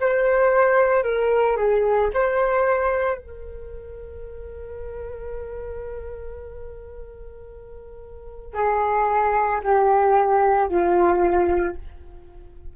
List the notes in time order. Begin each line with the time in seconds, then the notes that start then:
0.00 C5
1.03 A#4
1.56 G#4
2.14 C5
3.18 A#4
8.54 G#4
9.63 G4
10.68 F4